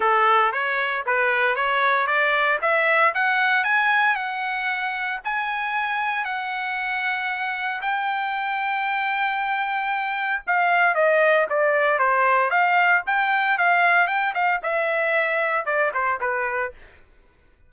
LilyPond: \new Staff \with { instrumentName = "trumpet" } { \time 4/4 \tempo 4 = 115 a'4 cis''4 b'4 cis''4 | d''4 e''4 fis''4 gis''4 | fis''2 gis''2 | fis''2. g''4~ |
g''1 | f''4 dis''4 d''4 c''4 | f''4 g''4 f''4 g''8 f''8 | e''2 d''8 c''8 b'4 | }